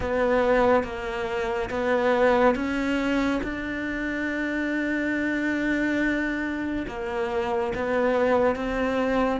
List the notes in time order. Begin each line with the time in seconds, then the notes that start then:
0.00 B3
0.83 A#3
1.69 B3
2.55 C#4
3.43 D4
6.87 A#3
7.74 B3
8.55 C4